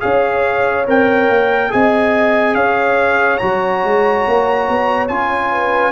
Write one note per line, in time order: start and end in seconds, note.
0.00 0.87 C#4
0.00 0.85 G#4
0.00 1.71 C#5
0.00 0.85 F5
0.87 1.29 C4
0.87 1.70 A#4
0.87 1.72 G5
1.29 1.72 A#3
1.70 2.55 C4
1.70 3.39 G#4
1.70 2.55 D#5
1.70 2.55 G#5
2.55 3.40 C#4
2.55 5.51 C#5
2.55 3.38 F5
3.38 3.84 F#3
3.38 5.08 F#4
3.38 5.07 A#5
3.84 4.26 G#3
4.28 4.68 A#3
4.68 5.09 B3
5.08 5.92 C#4
5.08 5.92 F4
5.08 5.92 G#5
5.52 5.92 B4